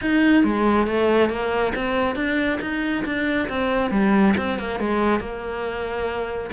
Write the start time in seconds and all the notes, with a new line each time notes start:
0.01 D#4
0.44 G#3
0.87 A3
1.29 A#3
1.75 C4
2.15 D4
2.61 D#4
3.05 D4
3.48 C4
3.90 G3
4.37 C4
4.58 A#3
4.79 G#3
5.20 A#3